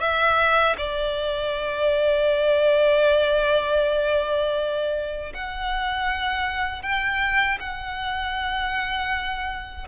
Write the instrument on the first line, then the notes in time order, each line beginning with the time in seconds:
violin
0.00 E5
0.77 D5
5.34 F#5
6.83 G5
7.60 F#5